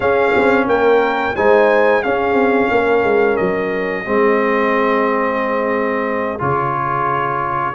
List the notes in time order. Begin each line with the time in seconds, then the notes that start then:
0.00 C#4 G#4 F5
0.36 C4
0.66 A#3 A#4 G5
1.35 G#3 D#4 C5 G#5
2.02 C#4 G#4 F5
2.33 C4
2.71 A#3 A#4
3.03 G#3
3.36 F#3 D#5
4.04 G#3 C4 G#4
6.38 C#3 F4 C#5